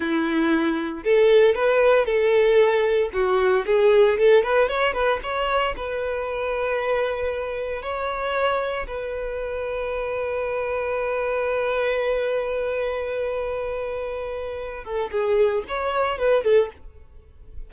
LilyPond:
\new Staff \with { instrumentName = "violin" } { \time 4/4 \tempo 4 = 115 e'2 a'4 b'4 | a'2 fis'4 gis'4 | a'8 b'8 cis''8 b'8 cis''4 b'4~ | b'2. cis''4~ |
cis''4 b'2.~ | b'1~ | b'1~ | b'8 a'8 gis'4 cis''4 b'8 a'8 | }